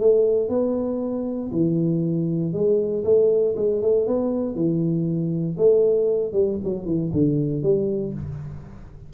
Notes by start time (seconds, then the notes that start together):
0.00 A3
0.49 B3
1.52 E3
2.53 G#3
3.04 A3
3.56 G#3
3.82 A3
4.07 B3
4.55 E3
5.57 A3
6.33 G3
6.64 F#3
6.86 E3
7.13 D3
7.62 G3